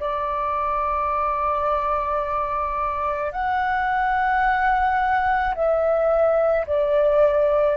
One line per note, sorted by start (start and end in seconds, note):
0.00 3.32 D5
3.32 5.55 F#5
5.55 6.66 E5
6.67 7.77 D5